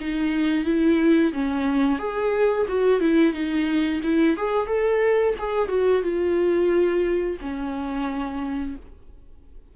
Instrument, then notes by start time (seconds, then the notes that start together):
viola
0.00 D#4
0.64 E4
1.32 C#4
1.99 G#4
2.68 F#4
3.00 E4
3.33 D#4
4.03 E4
4.36 G#4
4.66 A4
5.38 G#4
5.68 F#4
6.02 F4
7.41 C#4